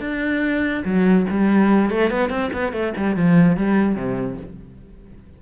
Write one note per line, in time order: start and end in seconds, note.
0.00 0.83 D4
0.85 1.27 F#3
1.30 1.91 G3
1.91 2.10 A3
2.10 2.30 B3
2.30 2.50 C4
2.53 2.72 B3
2.72 2.93 A3
2.97 3.16 G3
3.16 3.57 F3
3.57 3.95 G3
3.95 4.37 C3